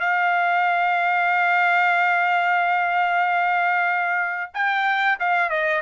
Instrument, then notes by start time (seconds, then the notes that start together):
trumpet
0.00 F5
4.54 G5
5.20 F5
5.50 D#5